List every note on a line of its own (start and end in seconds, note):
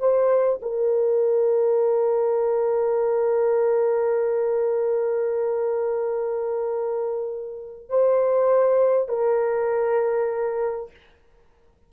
0.00 0.61 C5
0.63 7.90 A#4
7.90 9.09 C5
9.09 10.91 A#4